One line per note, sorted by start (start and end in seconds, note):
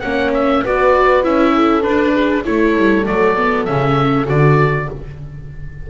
0.00 0.64 A#3
0.00 0.65 C#4
0.00 0.62 C#5
0.00 0.30 F#5
0.34 0.64 E5
0.62 1.25 B3
0.62 1.23 F#4
0.62 1.53 B4
0.62 1.24 D5
1.23 1.85 C#4
1.23 1.82 E4
1.23 1.83 E5
1.55 2.14 A4
1.82 2.43 D4
1.82 2.46 D4
1.82 2.44 B4
2.14 2.44 G#4
2.45 2.77 A3
2.45 3.05 E4
2.45 4.90 A4
2.45 3.06 C#5
2.77 3.07 G3
3.05 3.68 F#3
3.05 3.35 A3
3.05 3.65 D5
3.36 3.67 B3
3.65 4.29 C#3
3.65 4.25 C#4
3.65 4.26 E5
4.25 4.89 D3
4.25 4.86 F#4
4.25 4.90 D5